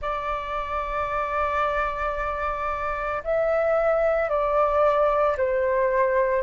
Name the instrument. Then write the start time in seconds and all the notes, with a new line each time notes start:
flute
0.01 D5
3.23 E5
4.29 D5
5.37 C5